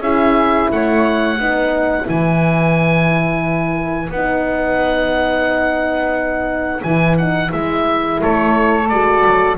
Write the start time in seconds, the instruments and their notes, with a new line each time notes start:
0.00 double bass C#4, horn E4, flute G#4, oboe E5
0.71 double bass A3, flute C#5, oboe F#5
1.39 double bass B3, horn D#4, flute B4
2.04 double bass E3, horn E4, oboe G#5
4.09 double bass B3, horn D#4, oboe F#5
6.83 double bass E3, horn E4, oboe G#5
7.17 horn D#4, oboe F#5
7.48 double bass G#3, horn E4, oboe E5
8.22 double bass A3, flute A4, oboe C#5
8.89 double bass G#3, horn F#4, oboe D5
9.26 double bass F#3